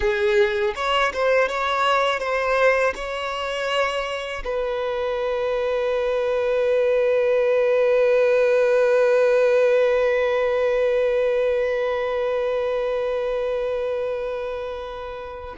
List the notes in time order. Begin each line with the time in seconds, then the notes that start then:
0.00 G#4
0.75 C#5
1.13 C5
1.48 C#5
2.19 C5
2.95 C#5
4.44 B4